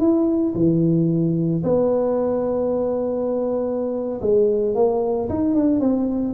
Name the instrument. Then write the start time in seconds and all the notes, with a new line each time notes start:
tuba
0.00 E4
0.55 E3
1.64 B3
4.22 G#3
4.75 A#3
5.29 D#4
5.55 D4
5.81 C4